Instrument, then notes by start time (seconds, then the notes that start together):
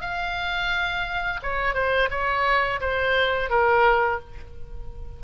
oboe
0.00 F5
1.42 C#5
1.74 C5
2.10 C#5
2.80 C5
3.49 A#4